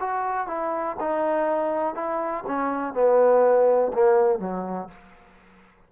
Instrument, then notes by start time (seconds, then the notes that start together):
trombone
0.00 F#4
0.47 E4
1.00 D#4
1.95 E4
2.47 C#4
2.93 B3
3.93 A#3
4.39 F#3